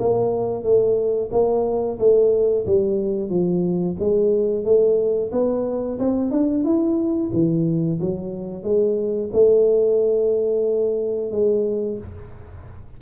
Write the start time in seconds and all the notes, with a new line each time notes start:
0.00 A#3
0.64 A3
1.32 A#3
1.99 A3
2.67 G3
3.30 F3
4.00 G#3
4.65 A3
5.32 B3
5.99 C4
6.31 D4
6.64 E4
7.33 E3
8.01 F#3
8.64 G#3
9.33 A3
11.32 G#3